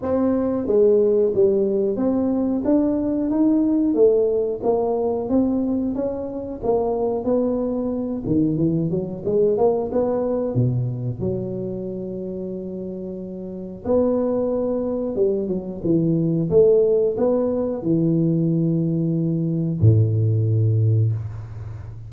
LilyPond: \new Staff \with { instrumentName = "tuba" } { \time 4/4 \tempo 4 = 91 c'4 gis4 g4 c'4 | d'4 dis'4 a4 ais4 | c'4 cis'4 ais4 b4~ | b8 dis8 e8 fis8 gis8 ais8 b4 |
b,4 fis2.~ | fis4 b2 g8 fis8 | e4 a4 b4 e4~ | e2 a,2 | }